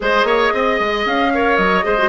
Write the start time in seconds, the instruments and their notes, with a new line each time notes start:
0.00 bassoon G#3, clarinet G#4, oboe C5, flute D#5
0.23 bassoon A#3, oboe C#5
0.53 bassoon C4, oboe D#5
0.79 bassoon G#3
1.05 bassoon C#4, flute F5
1.33 clarinet A#4, oboe C#5
1.56 bassoon F#3, flute D#5
1.82 bassoon G#3, clarinet G#4, oboe C5
1.97 clarinet F#4